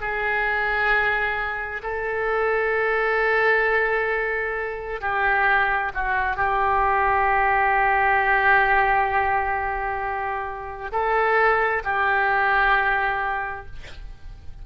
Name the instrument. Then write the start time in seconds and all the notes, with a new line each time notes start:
oboe
0.00 G#4
1.82 A4
5.01 G4
5.94 F#4
6.36 G4
10.92 A4
11.84 G4